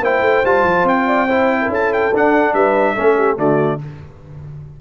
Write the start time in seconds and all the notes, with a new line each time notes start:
0.00 A#3 E4 C5 G5
0.21 A3
0.45 G3 F4 A5
0.64 F3
0.84 C4 G5
1.07 D5
1.28 E4 C5
1.62 A#4
1.69 C#4 A4 A5
1.93 G5
2.13 D4 F#5
2.54 G3 B4 E5
2.95 A3 C#4 A4
3.17 G4
3.37 D3 A3 F#4 D5